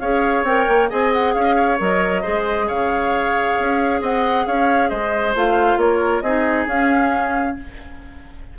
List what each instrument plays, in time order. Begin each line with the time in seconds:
0.00 bassoon C#4, clarinet G#4, oboe C#5, flute F5
0.44 bassoon C4, clarinet A#4, flute G5
0.69 bassoon A#3
0.90 bassoon C4, clarinet G#4, oboe D#5, flute G#5
1.13 flute F#5
1.34 bassoon C#4, oboe C#5, flute F5
1.44 oboe D#5
1.56 oboe C#5
1.79 bassoon F#3, clarinet A#4, flute D#5
2.22 bassoon G#3, clarinet G#4, oboe C5
2.68 bassoon C#3, oboe C#5, flute F5
3.60 bassoon C#4
4.02 bassoon C4, oboe D#5, flute F#5
4.47 bassoon C#4, oboe C#5, flute F5
4.90 bassoon G#3, oboe C5, flute D#5
5.36 bassoon A3, clarinet F4, flute F5
5.77 bassoon A#3, oboe A#4, flute C#5
6.22 bassoon C4, clarinet D#4, oboe G#4, flute D#5
6.67 bassoon C#4, clarinet C#4, flute F5